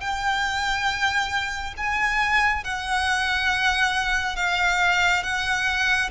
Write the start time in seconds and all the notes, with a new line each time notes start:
0.00 G5
1.77 G#5
2.64 F#5
4.36 F5
5.23 F#5